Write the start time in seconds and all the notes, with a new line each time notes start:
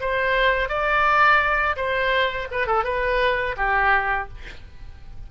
0.00 C5
0.69 D5
1.76 C5
2.51 B4
2.67 A4
2.84 B4
3.57 G4